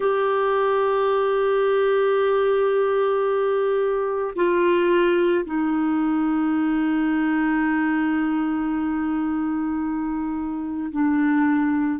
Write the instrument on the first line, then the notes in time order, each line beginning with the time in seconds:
clarinet
0.00 G4
4.35 F4
5.45 D#4
10.91 D4